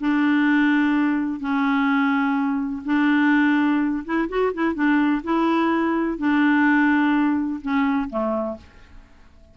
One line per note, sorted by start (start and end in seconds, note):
0.00 1.40 D4
1.40 2.83 C#4
2.85 4.04 D4
4.05 4.28 E4
4.29 4.52 F#4
4.53 4.74 E4
4.74 5.22 D4
5.24 6.18 E4
6.18 7.61 D4
7.61 8.09 C#4
8.10 8.57 A3